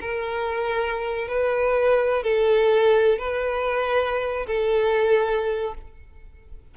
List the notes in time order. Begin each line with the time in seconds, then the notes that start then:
0.00 A#4
1.28 B4
2.23 A4
3.18 B4
4.47 A4